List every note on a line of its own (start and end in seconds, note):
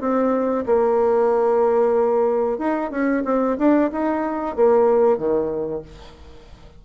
0.00 0.65 C4
0.66 2.58 A#3
2.58 2.91 D#4
2.91 3.23 C#4
3.25 3.57 C4
3.58 3.90 D4
3.92 4.56 D#4
4.56 5.17 A#3
5.17 5.82 D#3